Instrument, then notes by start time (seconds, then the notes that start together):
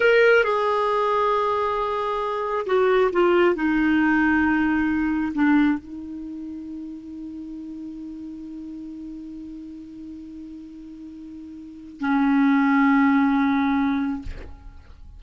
clarinet
0.00 A#4
0.43 G#4
2.66 F#4
3.12 F4
3.55 D#4
5.34 D4
5.78 D#4
12.00 C#4